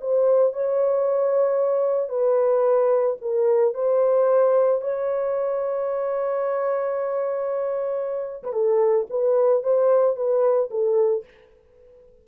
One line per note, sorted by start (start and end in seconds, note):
0.00 0.53 C5
0.53 2.09 C#5
2.09 3.16 B4
3.21 3.74 A#4
3.74 4.81 C5
4.81 8.43 C#5
8.43 8.53 B4
8.53 9.06 A4
9.09 9.63 B4
9.63 10.16 C5
10.16 10.69 B4
10.70 11.24 A4